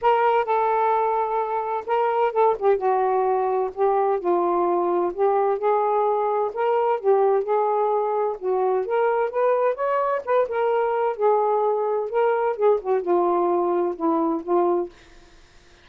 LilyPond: \new Staff \with { instrumentName = "saxophone" } { \time 4/4 \tempo 4 = 129 ais'4 a'2. | ais'4 a'8 g'8 fis'2 | g'4 f'2 g'4 | gis'2 ais'4 g'4 |
gis'2 fis'4 ais'4 | b'4 cis''4 b'8 ais'4. | gis'2 ais'4 gis'8 fis'8 | f'2 e'4 f'4 | }